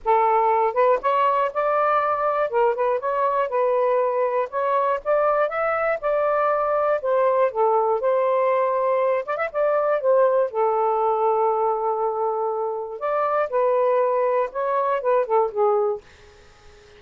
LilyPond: \new Staff \with { instrumentName = "saxophone" } { \time 4/4 \tempo 4 = 120 a'4. b'8 cis''4 d''4~ | d''4 ais'8 b'8 cis''4 b'4~ | b'4 cis''4 d''4 e''4 | d''2 c''4 a'4 |
c''2~ c''8 d''16 e''16 d''4 | c''4 a'2.~ | a'2 d''4 b'4~ | b'4 cis''4 b'8 a'8 gis'4 | }